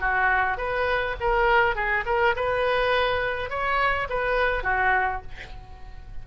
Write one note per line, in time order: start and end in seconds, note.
0.00 0.57 F#4
0.57 1.15 B4
1.20 1.75 A#4
1.75 2.04 G#4
2.05 2.34 A#4
2.35 3.49 B4
3.49 4.08 C#5
4.09 4.63 B4
4.63 5.21 F#4